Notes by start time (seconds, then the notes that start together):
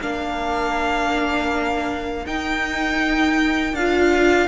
0.00 A#3 D4 A#4 F5
2.26 D#4 G5
3.73 D4 F4 F5